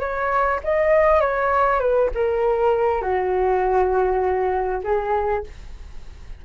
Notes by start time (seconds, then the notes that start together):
0.00 C#5
0.64 D#5
1.21 C#5
1.80 B4
2.15 A#4
3.02 F#4
4.84 G#4